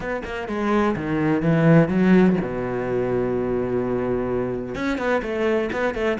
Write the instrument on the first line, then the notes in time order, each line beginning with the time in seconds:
cello
0.00 B3
0.24 A#3
0.48 G#3
0.96 D#3
1.42 E3
1.88 F#3
2.41 B2
4.75 C#4
4.98 B3
5.22 A3
5.72 B3
5.94 A3